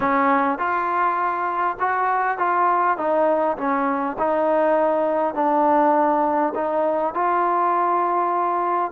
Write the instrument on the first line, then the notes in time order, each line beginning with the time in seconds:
trombone
0.00 C#4
0.58 F4
1.79 F#4
2.38 F4
2.97 D#4
3.57 C#4
4.18 D#4
5.34 D4
6.54 D#4
7.14 F4